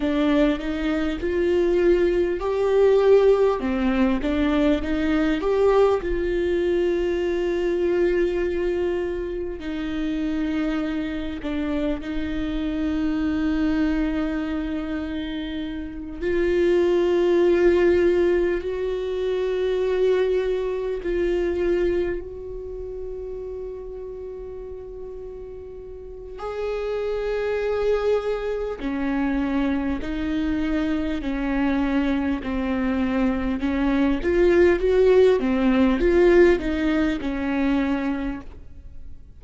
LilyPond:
\new Staff \with { instrumentName = "viola" } { \time 4/4 \tempo 4 = 50 d'8 dis'8 f'4 g'4 c'8 d'8 | dis'8 g'8 f'2. | dis'4. d'8 dis'2~ | dis'4. f'2 fis'8~ |
fis'4. f'4 fis'4.~ | fis'2 gis'2 | cis'4 dis'4 cis'4 c'4 | cis'8 f'8 fis'8 c'8 f'8 dis'8 cis'4 | }